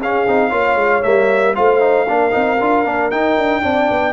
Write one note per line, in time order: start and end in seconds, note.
0.00 0.27 C#4
0.00 0.28 C#4
0.00 0.49 G#4
0.00 1.03 F5
0.28 0.52 C4
0.28 0.51 D#4
0.49 0.75 A#3
0.49 1.02 F4
0.49 1.52 C#5
0.75 1.01 G#3
1.03 1.58 G3
1.03 1.56 A#3
1.03 1.55 E5
1.56 2.09 A3
1.56 1.81 F4
1.56 2.07 C5
1.56 3.11 F5
1.81 2.07 D#4
2.07 2.34 A#3
2.07 2.31 D4
2.07 3.62 A#4
2.31 2.61 C4
2.31 2.57 D#4
2.61 2.86 D4
2.61 2.86 F4
2.86 3.12 A#3
2.86 3.12 D4
3.11 3.37 D#4
3.11 3.63 D#4
3.11 4.13 G5
3.38 3.64 D4
3.62 3.90 C4
3.62 4.13 D4
3.62 4.13 D5
3.90 4.13 B3